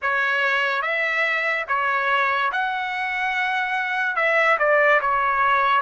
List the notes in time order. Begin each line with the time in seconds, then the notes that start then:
0.02 C#5
0.82 E5
1.68 C#5
2.52 F#5
4.16 E5
4.58 D5
5.01 C#5